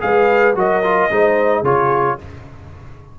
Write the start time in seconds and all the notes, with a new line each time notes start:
0.00 G#3 G#4 B4 F5
0.55 F#3 F#4 A#4 D#5
0.84 F4
1.11 G#3 D#4 C5
1.62 C#3 F4 G#4 C#5